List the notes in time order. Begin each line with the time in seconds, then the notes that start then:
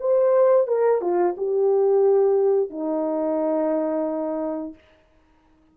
0.00 C5
0.67 A#4
1.01 F4
1.37 G4
2.70 D#4